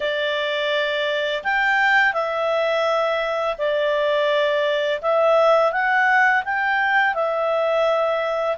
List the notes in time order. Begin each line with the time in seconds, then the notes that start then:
0.00 D5
1.43 G5
2.13 E5
3.57 D5
5.01 E5
5.71 F#5
6.44 G5
7.14 E5